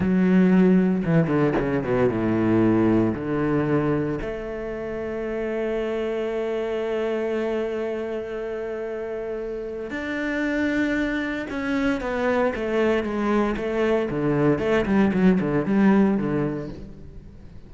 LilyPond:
\new Staff \with { instrumentName = "cello" } { \time 4/4 \tempo 4 = 115 fis2 e8 d8 cis8 b,8 | a,2 d2 | a1~ | a1~ |
a2. d'4~ | d'2 cis'4 b4 | a4 gis4 a4 d4 | a8 g8 fis8 d8 g4 d4 | }